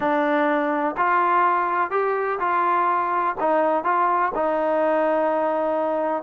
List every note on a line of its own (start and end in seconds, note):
0.00 0.95 D4
0.97 1.90 F4
1.90 2.38 G4
2.39 3.35 F4
3.39 3.84 D#4
3.84 4.32 F4
4.35 6.23 D#4